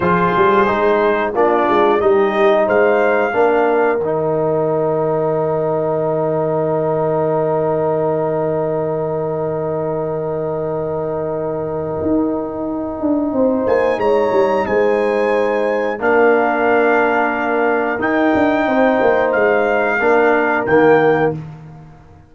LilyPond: <<
  \new Staff \with { instrumentName = "trumpet" } { \time 4/4 \tempo 4 = 90 c''2 d''4 dis''4 | f''2 g''2~ | g''1~ | g''1~ |
g''1~ | g''8 gis''8 ais''4 gis''2 | f''2. g''4~ | g''4 f''2 g''4 | }
  \new Staff \with { instrumentName = "horn" } { \time 4/4 gis'2 f'4 g'4 | c''4 ais'2.~ | ais'1~ | ais'1~ |
ais'1 | c''4 cis''4 c''2 | ais'1 | c''2 ais'2 | }
  \new Staff \with { instrumentName = "trombone" } { \time 4/4 f'4 dis'4 d'4 dis'4~ | dis'4 d'4 dis'2~ | dis'1~ | dis'1~ |
dis'1~ | dis'1 | d'2. dis'4~ | dis'2 d'4 ais4 | }
  \new Staff \with { instrumentName = "tuba" } { \time 4/4 f8 g8 gis4 ais8 gis8 g4 | gis4 ais4 dis2~ | dis1~ | dis1~ |
dis2 dis'4. d'8 | c'8 ais8 gis8 g8 gis2 | ais2. dis'8 d'8 | c'8 ais8 gis4 ais4 dis4 | }
>>